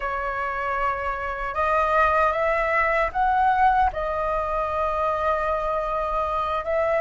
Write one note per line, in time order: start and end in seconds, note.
0.00 1.54 C#5
1.54 2.32 D#5
2.32 3.10 E5
3.12 3.90 F#5
3.92 6.64 D#5
6.64 7.01 E5